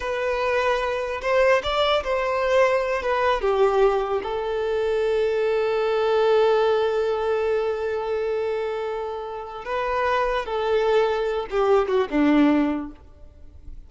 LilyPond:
\new Staff \with { instrumentName = "violin" } { \time 4/4 \tempo 4 = 149 b'2. c''4 | d''4 c''2~ c''8 b'8~ | b'8 g'2 a'4.~ | a'1~ |
a'1~ | a'1 | b'2 a'2~ | a'8 g'4 fis'8 d'2 | }